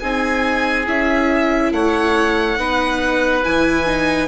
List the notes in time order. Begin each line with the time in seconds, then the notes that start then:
0.00 C4 D#4 G#4 G#5
0.86 C#4 E4 E5
1.72 A3 C#5 F#5
2.57 B3 D#4 B4
3.44 E3 E4 G#5
3.86 D#4